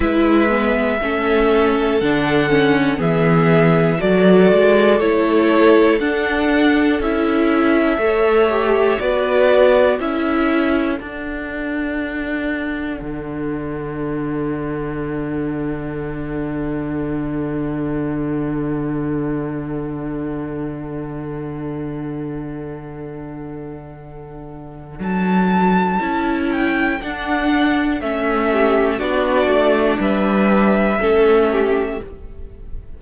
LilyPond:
<<
  \new Staff \with { instrumentName = "violin" } { \time 4/4 \tempo 4 = 60 e''2 fis''4 e''4 | d''4 cis''4 fis''4 e''4~ | e''4 d''4 e''4 fis''4~ | fis''1~ |
fis''1~ | fis''1~ | fis''4 a''4. g''8 fis''4 | e''4 d''4 e''2 | }
  \new Staff \with { instrumentName = "violin" } { \time 4/4 b'4 a'2 gis'4 | a'1 | cis''4 b'4 a'2~ | a'1~ |
a'1~ | a'1~ | a'1~ | a'8 g'8 fis'4 b'4 a'8 g'8 | }
  \new Staff \with { instrumentName = "viola" } { \time 4/4 e'8 b8 cis'4 d'8 cis'8 b4 | fis'4 e'4 d'4 e'4 | a'8 g'8 fis'4 e'4 d'4~ | d'1~ |
d'1~ | d'1~ | d'2 e'4 d'4 | cis'4 d'2 cis'4 | }
  \new Staff \with { instrumentName = "cello" } { \time 4/4 gis4 a4 d4 e4 | fis8 gis8 a4 d'4 cis'4 | a4 b4 cis'4 d'4~ | d'4 d2.~ |
d1~ | d1~ | d4 fis4 cis'4 d'4 | a4 b8 a8 g4 a4 | }
>>